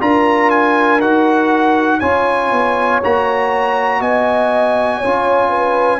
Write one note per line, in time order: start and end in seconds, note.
0.00 1.01 D4
0.00 1.00 F4
0.00 1.99 A#4
0.00 0.50 A#5
0.50 1.00 G#5
1.00 2.01 D#4
1.00 2.01 F#4
1.00 2.00 F#5
1.99 2.51 C#4
1.99 3.02 F4
1.99 3.99 C#5
1.99 3.00 G#5
2.51 3.01 B3
3.03 4.00 A#3
3.03 5.03 F#4
3.03 4.01 A#5
4.00 5.00 B3
4.00 4.97 D#5
4.00 5.99 G#5
4.97 5.47 C#5
5.04 5.99 C#4
5.04 5.99 F4
5.49 5.99 B4